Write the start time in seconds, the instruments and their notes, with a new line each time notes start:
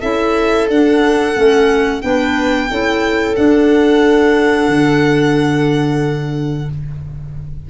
0.00 tuba C#4, clarinet E4, viola A4, violin E5
0.69 tuba D4, clarinet D4, violin F#5
1.36 tuba A3, clarinet C#4
2.02 tuba B3, clarinet D4, viola B4, violin G5
2.70 tuba C#4, clarinet E4, viola A4
3.36 clarinet D4, tuba D4, violin F#5
4.68 tuba D3